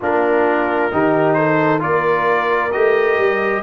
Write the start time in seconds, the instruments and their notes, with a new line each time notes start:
0.00 tuba A#3, trombone D4, horn F4, trumpet A#4
0.91 tuba D#3, trombone D#4, horn G4
1.34 horn A4, trumpet C5
1.79 tuba A#3, trombone F4, horn A#4, trumpet D5
2.71 tuba A3, trombone G4, trumpet D#5
3.18 tuba G3